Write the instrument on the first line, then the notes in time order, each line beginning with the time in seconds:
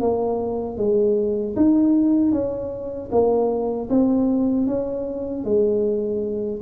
tuba
0.00 A#3
0.77 G#3
1.56 D#4
2.32 C#4
3.11 A#3
3.89 C4
4.66 C#4
5.44 G#3